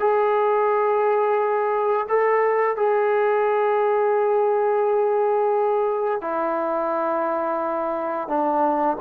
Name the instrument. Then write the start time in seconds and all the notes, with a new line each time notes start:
trombone
0.00 G#4
2.09 A4
2.76 G#4
6.22 E4
8.28 D4